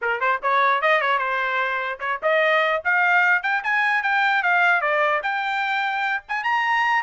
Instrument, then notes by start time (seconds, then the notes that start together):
trumpet
0.01 A#4
0.20 C5
0.42 C#5
0.81 D#5
1.01 C#5
1.18 C5
1.99 C#5
2.22 D#5
2.84 F5
3.42 G5
3.63 G#5
4.02 G5
4.42 F5
4.81 D5
5.22 G5
6.28 G#5
6.43 A#5